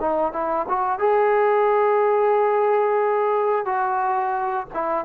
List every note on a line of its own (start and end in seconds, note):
0.00 0.32 D#4
0.32 0.66 E4
0.68 0.99 F#4
0.99 3.65 G#4
3.65 4.66 F#4
4.74 5.05 E4